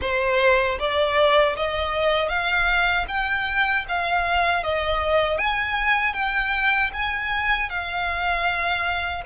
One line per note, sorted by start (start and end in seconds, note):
0.01 0.78 C5
0.79 1.56 D5
1.56 2.28 D#5
2.28 3.05 F5
3.08 3.85 G5
3.88 4.63 F5
4.63 5.38 D#5
5.38 6.13 G#5
6.13 6.90 G5
6.93 7.69 G#5
7.69 9.23 F5